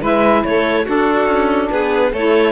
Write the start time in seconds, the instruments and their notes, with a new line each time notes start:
0.00 cello G#3, saxophone E4, violin B4, clarinet E5
0.44 cello A3, violin A4, clarinet C#5
0.85 saxophone D4, cello D4, violin F#4, clarinet A4
1.27 cello C#4
1.70 cello B3, violin G#4, clarinet B4
2.12 cello A3, saxophone E4, violin A4, clarinet C#5